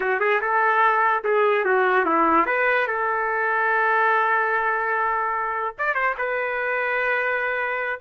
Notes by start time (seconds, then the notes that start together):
0.00 F#4
0.20 G#4
0.41 A4
1.24 G#4
1.64 F#4
2.05 E4
2.46 B4
2.87 A4
5.78 D5
5.94 C5
6.18 B4